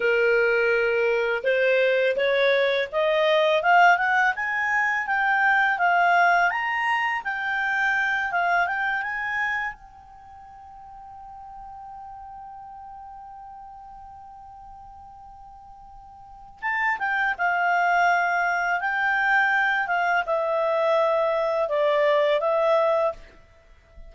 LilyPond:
\new Staff \with { instrumentName = "clarinet" } { \time 4/4 \tempo 4 = 83 ais'2 c''4 cis''4 | dis''4 f''8 fis''8 gis''4 g''4 | f''4 ais''4 g''4. f''8 | g''8 gis''4 g''2~ g''8~ |
g''1~ | g''2. a''8 g''8 | f''2 g''4. f''8 | e''2 d''4 e''4 | }